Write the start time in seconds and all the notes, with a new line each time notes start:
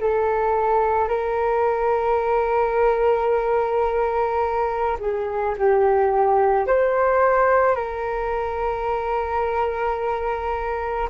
0.00 A4
1.08 A#4
4.99 G#4
5.58 G4
6.67 C5
7.75 A#4